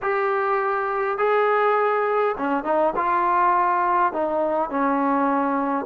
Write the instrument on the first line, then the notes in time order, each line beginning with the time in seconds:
trombone
0.02 G4
1.18 G#4
2.37 C#4
2.64 D#4
2.96 F4
4.12 D#4
4.70 C#4